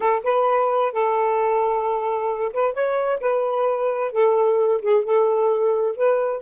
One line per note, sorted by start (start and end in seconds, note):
0.00 0.22 A4
0.23 0.92 B4
0.92 2.52 A4
2.53 2.73 B4
2.73 3.19 C#5
3.20 4.11 B4
4.12 4.80 A4
4.81 5.04 G#4
5.04 5.96 A4
5.96 6.41 B4